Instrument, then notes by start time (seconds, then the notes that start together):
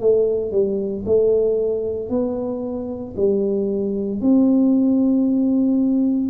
tuba
0.00 A3
0.51 G3
1.06 A3
2.09 B3
3.16 G3
4.21 C4